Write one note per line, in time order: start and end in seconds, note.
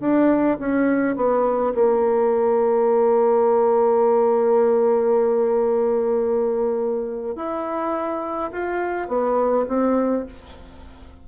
0.00 0.58 D4
0.59 1.16 C#4
1.16 1.73 B3
1.74 7.35 A#3
7.35 8.51 E4
8.52 9.08 F4
9.08 9.66 B3
9.68 10.26 C4